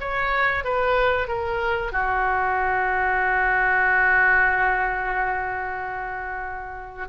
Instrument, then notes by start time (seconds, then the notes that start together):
oboe
0.00 C#5
0.64 B4
1.28 A#4
1.92 F#4